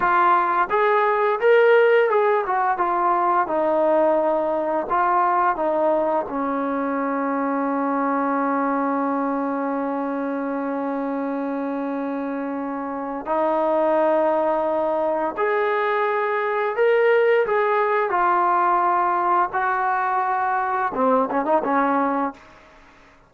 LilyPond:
\new Staff \with { instrumentName = "trombone" } { \time 4/4 \tempo 4 = 86 f'4 gis'4 ais'4 gis'8 fis'8 | f'4 dis'2 f'4 | dis'4 cis'2.~ | cis'1~ |
cis'2. dis'4~ | dis'2 gis'2 | ais'4 gis'4 f'2 | fis'2 c'8 cis'16 dis'16 cis'4 | }